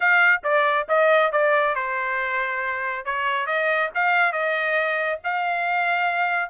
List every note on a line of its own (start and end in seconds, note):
0.00 0.41 F5
0.43 0.87 D5
0.88 1.31 D#5
1.32 1.75 D5
1.75 3.05 C5
3.05 3.46 C#5
3.46 3.90 D#5
3.94 4.32 F5
4.32 5.19 D#5
5.24 6.49 F5